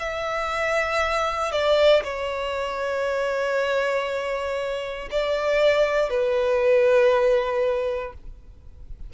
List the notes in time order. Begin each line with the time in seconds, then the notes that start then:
0.00 E5
1.53 D5
2.04 C#5
5.11 D5
6.10 B4